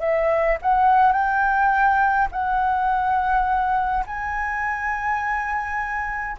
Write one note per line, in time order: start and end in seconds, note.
0.00 0.58 E5
0.62 1.12 F#5
1.12 2.28 G5
2.31 4.04 F#5
4.06 6.37 G#5